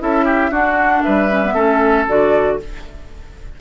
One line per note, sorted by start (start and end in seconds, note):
0.00 0.51 C#4
0.00 0.52 E4
0.00 0.25 A4
0.00 0.54 E5
0.25 0.51 G4
0.51 1.03 D4
0.51 1.31 D4
0.51 1.03 F#4
0.51 1.03 F#5
1.03 1.54 G3
1.03 1.55 B4
1.03 2.06 E5
1.31 1.44 C#4
1.45 1.56 B3
1.54 2.06 A3
1.54 2.08 C#4
1.54 2.58 A4
2.09 2.61 D3
2.09 2.60 F#4
2.09 2.60 D5